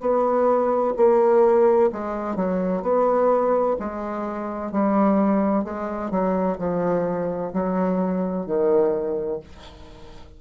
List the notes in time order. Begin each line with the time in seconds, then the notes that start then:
0.00 B3
0.96 A#3
1.92 G#3
2.36 F#3
2.82 B3
3.79 G#3
4.71 G3
5.64 G#3
6.11 F#3
6.58 F3
7.53 F#3
8.46 D#3